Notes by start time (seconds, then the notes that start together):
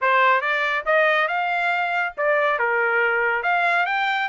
0.01 C5
0.41 D5
0.85 D#5
1.27 F5
2.17 D5
2.59 A#4
3.43 F5
3.86 G5